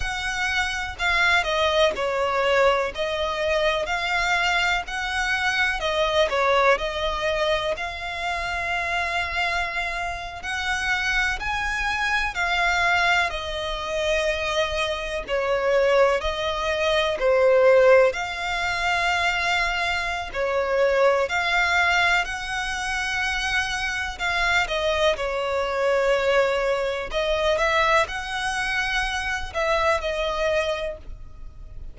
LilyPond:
\new Staff \with { instrumentName = "violin" } { \time 4/4 \tempo 4 = 62 fis''4 f''8 dis''8 cis''4 dis''4 | f''4 fis''4 dis''8 cis''8 dis''4 | f''2~ f''8. fis''4 gis''16~ | gis''8. f''4 dis''2 cis''16~ |
cis''8. dis''4 c''4 f''4~ f''16~ | f''4 cis''4 f''4 fis''4~ | fis''4 f''8 dis''8 cis''2 | dis''8 e''8 fis''4. e''8 dis''4 | }